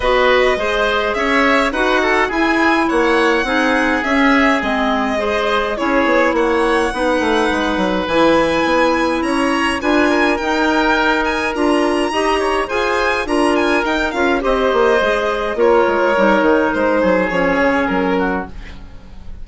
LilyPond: <<
  \new Staff \with { instrumentName = "violin" } { \time 4/4 \tempo 4 = 104 dis''2 e''4 fis''4 | gis''4 fis''2 e''4 | dis''2 cis''4 fis''4~ | fis''2 gis''2 |
ais''4 gis''4 g''4. gis''8 | ais''2 gis''4 ais''8 gis''8 | g''8 f''8 dis''2 cis''4~ | cis''4 c''4 cis''4 ais'4 | }
  \new Staff \with { instrumentName = "oboe" } { \time 4/4 b'4 c''4 cis''4 b'8 a'8 | gis'4 cis''4 gis'2~ | gis'4 c''4 gis'4 cis''4 | b'1 |
cis''4 b'8 ais'2~ ais'8~ | ais'4 dis''8 cis''8 c''4 ais'4~ | ais'4 c''2 ais'4~ | ais'4. gis'2 fis'8 | }
  \new Staff \with { instrumentName = "clarinet" } { \time 4/4 fis'4 gis'2 fis'4 | e'2 dis'4 cis'4 | c'4 gis'4 e'2 | dis'2 e'2~ |
e'4 f'4 dis'2 | f'4 g'4 gis'4 f'4 | dis'8 f'8 g'4 gis'4 f'4 | dis'2 cis'2 | }
  \new Staff \with { instrumentName = "bassoon" } { \time 4/4 b4 gis4 cis'4 dis'4 | e'4 ais4 c'4 cis'4 | gis2 cis'8 b8 ais4 | b8 a8 gis8 fis8 e4 b4 |
cis'4 d'4 dis'2 | d'4 dis'4 f'4 d'4 | dis'8 cis'8 c'8 ais8 gis4 ais8 gis8 | g8 dis8 gis8 fis8 f8 cis8 fis4 | }
>>